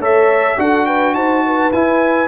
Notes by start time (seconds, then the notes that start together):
0.00 A3 A4 C#5 E5
0.58 D4 F#4 A4 F#5
0.86 B4 G5
1.15 D#4 C5 A5
1.46 B4
1.73 E4 G#5